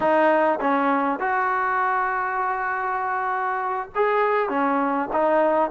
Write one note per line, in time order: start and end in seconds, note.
0.00 0.59 D#4
0.60 1.19 C#4
1.19 3.89 F#4
3.95 4.49 G#4
4.49 5.09 C#4
5.12 5.70 D#4